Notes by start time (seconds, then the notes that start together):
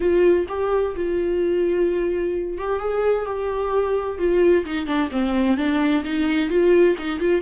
0.00 F4
0.48 G4
0.95 F4
2.58 G4
2.79 G#4
3.25 G4
4.18 F4
4.65 D#4
4.86 D4
5.11 C4
5.57 D4
6.04 D#4
6.49 F4
6.98 D#4
7.19 F4